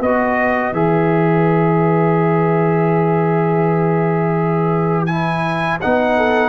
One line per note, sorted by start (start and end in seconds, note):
0.00 0.72 B3
0.00 0.75 F#4
0.00 6.16 B4
0.00 0.74 D#5
0.72 5.78 E3
0.72 5.08 G#4
0.72 5.06 E5
5.06 5.81 E4
5.06 5.78 G#5
5.81 6.50 B3
5.81 6.50 D#4
5.81 6.50 F#5
6.17 6.50 A4